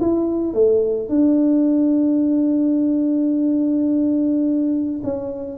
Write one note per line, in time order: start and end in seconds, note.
0.00 0.53 E4
0.53 1.09 A3
1.09 5.01 D4
5.03 5.58 C#4